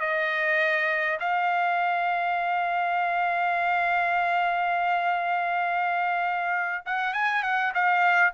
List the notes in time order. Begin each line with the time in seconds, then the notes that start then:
0.00 D#5
1.20 F5
6.86 F#5
7.13 G#5
7.43 F#5
7.74 F5